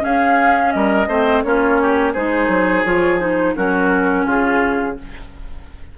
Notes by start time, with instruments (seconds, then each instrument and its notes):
0.00 clarinet C#4, bassoon C#4, oboe G#4, flute F5
0.72 bassoon G3, oboe A#4, flute D#5
1.07 bassoon A3, clarinet C4, oboe C5
1.42 bassoon A#3, clarinet C#4, oboe F4, flute C#5
1.81 oboe G4
2.13 bassoon G#3, clarinet D#4, oboe G#4, flute C5
2.48 bassoon F#3
2.84 bassoon F3, clarinet F4, flute C#5
3.19 clarinet D#4, flute C5
3.55 bassoon F#3, clarinet C#4, oboe F#4, flute A#4
4.25 bassoon C#3, oboe F4, flute G#4